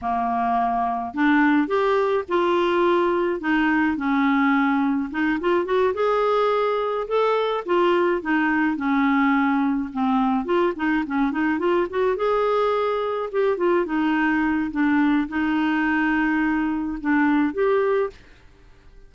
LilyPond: \new Staff \with { instrumentName = "clarinet" } { \time 4/4 \tempo 4 = 106 ais2 d'4 g'4 | f'2 dis'4 cis'4~ | cis'4 dis'8 f'8 fis'8 gis'4.~ | gis'8 a'4 f'4 dis'4 cis'8~ |
cis'4. c'4 f'8 dis'8 cis'8 | dis'8 f'8 fis'8 gis'2 g'8 | f'8 dis'4. d'4 dis'4~ | dis'2 d'4 g'4 | }